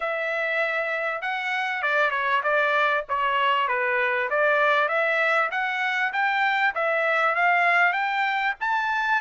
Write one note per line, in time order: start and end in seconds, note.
0.00 1.21 E5
1.21 1.82 F#5
1.82 2.11 D5
2.11 2.41 C#5
2.43 3.04 D5
3.08 3.67 C#5
3.67 4.29 B4
4.30 4.88 D5
4.88 5.49 E5
5.51 6.12 F#5
6.12 6.73 G5
6.74 7.35 E5
7.35 7.93 F5
7.93 8.54 G5
8.60 9.21 A5